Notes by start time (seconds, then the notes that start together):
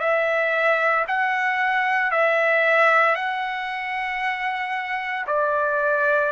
0.00 E5
1.08 F#5
2.11 E5
3.15 F#5
5.27 D5